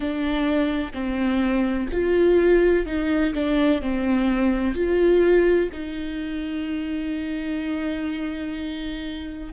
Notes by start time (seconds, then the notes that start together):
0.00 D4
0.93 C4
1.92 F4
2.86 D#4
3.34 D4
3.81 C4
4.74 F4
5.72 D#4